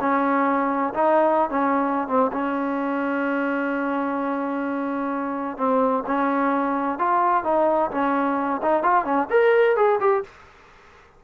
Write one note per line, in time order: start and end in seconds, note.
0.00 0.93 C#4
0.93 1.49 D#4
1.49 2.07 C#4
2.07 2.31 C4
2.32 5.57 C#4
5.57 6.04 C4
6.06 6.98 C#4
6.98 7.44 F4
7.44 7.90 D#4
7.91 8.61 C#4
8.62 8.83 D#4
8.83 9.04 F4
9.04 9.28 C#4
9.30 9.76 A#4
9.76 9.99 G#4
10.00 10.23 G4